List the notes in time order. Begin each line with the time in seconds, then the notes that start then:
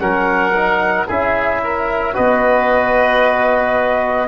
0.00 F#3 C#4 A#4 F#5
0.54 D#4
1.08 C#4 E4 G#4 E5
1.64 A#4
2.14 B3 F#4 B4 D#5